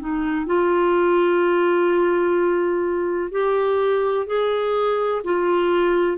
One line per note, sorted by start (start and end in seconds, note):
0.00 0.47 D#4
0.47 3.32 F4
3.32 4.27 G4
4.27 5.22 G#4
5.25 6.18 F4